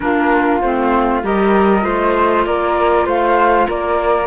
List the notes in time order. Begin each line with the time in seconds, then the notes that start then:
0.00 A#3 D4 F4 A#4
0.61 A3 C4 C5
1.22 G3 G4 A#4 D#5
1.80 A3 F4 C5
2.45 A#3 A#4 D5
3.05 A3 C5 F5
3.68 A#3 A#4 D5